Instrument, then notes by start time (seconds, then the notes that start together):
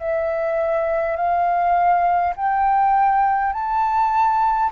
flute
0.00 E5
1.16 F5
2.36 G5
3.53 A5